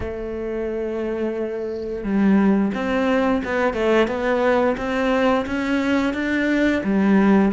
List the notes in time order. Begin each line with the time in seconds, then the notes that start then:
0.00 A3
2.03 G3
2.74 C4
3.44 B3
3.73 A3
4.07 B3
4.77 C4
5.45 C#4
6.13 D4
6.83 G3